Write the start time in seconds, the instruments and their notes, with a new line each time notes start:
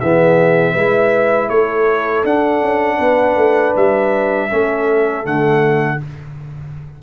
0.00 tuba E3, trombone B3, horn G#4, trumpet E5
0.73 tuba G#3, trombone E4, horn B4
1.49 tuba A3, horn A4, trumpet C#5
2.24 tuba D4, trombone D4, trumpet F#5
2.61 tuba C#4
2.97 tuba B3, horn B4
3.36 tuba A3
3.76 tuba G3, trumpet E5
4.50 tuba A3, trombone C#4, horn A4
5.23 tuba D3, trombone A3, trumpet F#5